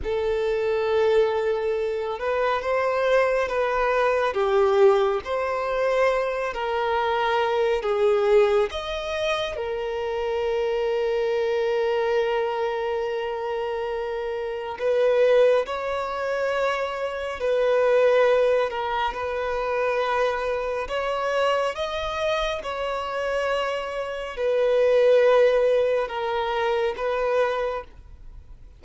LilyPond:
\new Staff \with { instrumentName = "violin" } { \time 4/4 \tempo 4 = 69 a'2~ a'8 b'8 c''4 | b'4 g'4 c''4. ais'8~ | ais'4 gis'4 dis''4 ais'4~ | ais'1~ |
ais'4 b'4 cis''2 | b'4. ais'8 b'2 | cis''4 dis''4 cis''2 | b'2 ais'4 b'4 | }